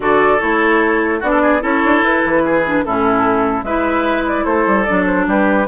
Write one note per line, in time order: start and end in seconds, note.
0.00 0.39 D3
0.00 0.39 F#4
0.00 1.19 A4
0.00 0.40 D5
0.40 1.22 A3
0.40 1.21 E4
0.40 1.21 C#5
1.19 1.62 B3
1.19 1.60 D4
1.19 1.29 F#4
1.19 1.63 D5
1.30 1.40 A4
1.42 1.62 G#4
1.60 1.83 C#4
1.60 2.61 E4
1.60 2.43 A4
1.60 2.04 C#5
1.84 2.01 D4
2.01 2.22 E4
2.01 2.85 B4
2.24 2.85 E3
2.44 2.84 G#4
2.66 2.85 D4
2.85 3.62 A2
2.85 3.65 C#4
2.85 3.65 E4
2.85 3.63 A4
3.62 4.43 G#3
3.62 4.87 E4
3.62 4.45 B4
3.62 4.24 E5
4.27 4.44 D5
4.44 4.66 A3
4.44 5.26 A4
4.44 4.84 C5
4.66 4.86 G3
4.84 5.67 D4
4.84 5.04 D5
4.90 5.27 F#3
5.05 5.26 C5
5.27 5.67 G3
5.27 5.67 G4
5.27 5.67 B4